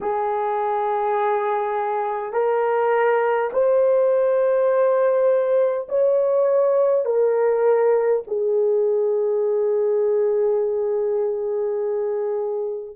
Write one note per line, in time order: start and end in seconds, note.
0.01 2.32 G#4
2.32 3.50 A#4
3.52 5.88 C5
5.88 7.05 C#5
7.05 8.22 A#4
8.27 12.96 G#4